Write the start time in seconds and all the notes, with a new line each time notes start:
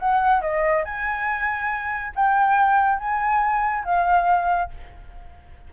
0.00 F#5
0.42 D#5
0.85 G#5
2.16 G5
2.99 G#5
3.85 F5